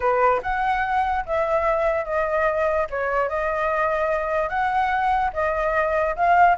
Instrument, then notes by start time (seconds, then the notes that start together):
flute
0.00 B4
0.42 F#5
1.25 E5
2.05 D#5
2.90 C#5
3.29 D#5
4.49 F#5
5.33 D#5
6.16 F5